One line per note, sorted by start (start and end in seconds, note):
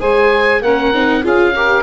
0.00 0.62 G#3
0.00 0.62 G#4
0.00 0.62 C5
0.00 0.63 G#5
0.62 0.93 A#3
0.62 0.94 C#4
0.62 1.23 A#4
0.62 1.25 F#5
0.94 1.25 C4
0.94 1.23 D#4
1.23 1.84 C#4
1.23 1.54 F4
1.23 1.54 G#4
1.23 1.84 F5
1.55 1.84 G4
1.55 1.84 A#4